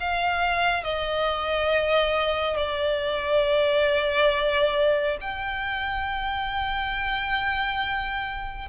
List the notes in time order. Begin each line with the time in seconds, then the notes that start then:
0.00 F5
0.84 D#5
2.57 D5
5.21 G5